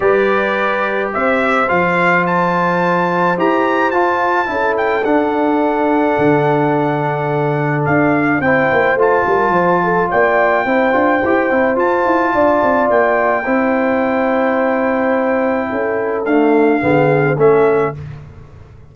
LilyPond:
<<
  \new Staff \with { instrumentName = "trumpet" } { \time 4/4 \tempo 4 = 107 d''2 e''4 f''4 | a''2 ais''4 a''4~ | a''8 g''8 fis''2.~ | fis''2 f''4 g''4 |
a''2 g''2~ | g''4 a''2 g''4~ | g''1~ | g''4 f''2 e''4 | }
  \new Staff \with { instrumentName = "horn" } { \time 4/4 b'2 c''2~ | c''1 | a'1~ | a'2. c''4~ |
c''8 ais'8 c''8 a'8 d''4 c''4~ | c''2 d''2 | c''1 | a'2 gis'4 a'4 | }
  \new Staff \with { instrumentName = "trombone" } { \time 4/4 g'2. f'4~ | f'2 g'4 f'4 | e'4 d'2.~ | d'2. e'4 |
f'2. e'8 f'8 | g'8 e'8 f'2. | e'1~ | e'4 a4 b4 cis'4 | }
  \new Staff \with { instrumentName = "tuba" } { \time 4/4 g2 c'4 f4~ | f2 e'4 f'4 | cis'4 d'2 d4~ | d2 d'4 c'8 ais8 |
a8 g8 f4 ais4 c'8 d'8 | e'8 c'8 f'8 e'8 d'8 c'8 ais4 | c'1 | cis'4 d'4 d4 a4 | }
>>